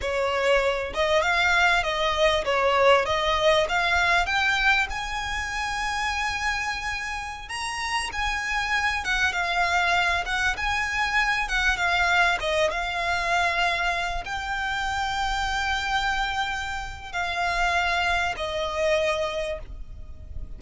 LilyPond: \new Staff \with { instrumentName = "violin" } { \time 4/4 \tempo 4 = 98 cis''4. dis''8 f''4 dis''4 | cis''4 dis''4 f''4 g''4 | gis''1~ | gis''16 ais''4 gis''4. fis''8 f''8.~ |
f''8. fis''8 gis''4. fis''8 f''8.~ | f''16 dis''8 f''2~ f''8 g''8.~ | g''1 | f''2 dis''2 | }